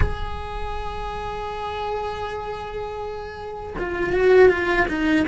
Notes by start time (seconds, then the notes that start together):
0.00 G#4
3.78 F4
4.12 F#4
4.49 F4
4.88 D#4